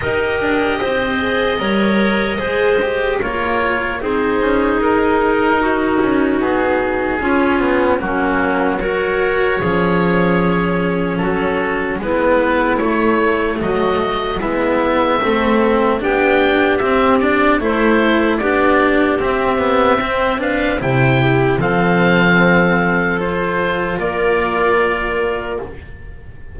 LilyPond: <<
  \new Staff \with { instrumentName = "oboe" } { \time 4/4 \tempo 4 = 75 dis''1 | cis''4 c''4 ais'2 | gis'2 fis'4 cis''4~ | cis''2 a'4 b'4 |
cis''4 dis''4 e''2 | g''4 e''8 d''8 c''4 d''4 | e''4. f''8 g''4 f''4~ | f''4 c''4 d''2 | }
  \new Staff \with { instrumentName = "clarinet" } { \time 4/4 ais'4 c''4 cis''4 c''4 | ais'4 gis'2 fis'4~ | fis'4 f'4 cis'4 ais'4 | gis'2 fis'4 e'4~ |
e'4 fis'4 e'4 a'4 | g'2 a'4 g'4~ | g'4 c''8 b'8 c''8 g'8 a'4~ | a'2 ais'2 | }
  \new Staff \with { instrumentName = "cello" } { \time 4/4 g'4. gis'8 ais'4 gis'8 g'8 | f'4 dis'2.~ | dis'4 cis'8 b8 ais4 fis'4 | cis'2. b4 |
a2 b4 c'4 | d'4 c'8 d'8 e'4 d'4 | c'8 b8 c'8 d'8 e'4 c'4~ | c'4 f'2. | }
  \new Staff \with { instrumentName = "double bass" } { \time 4/4 dis'8 d'8 c'4 g4 gis4 | ais4 c'8 cis'8 dis'4. cis'8 | b4 cis'4 fis2 | f2 fis4 gis4 |
a4 fis4 gis4 a4 | b4 c'4 a4 b4 | c'2 c4 f4~ | f2 ais2 | }
>>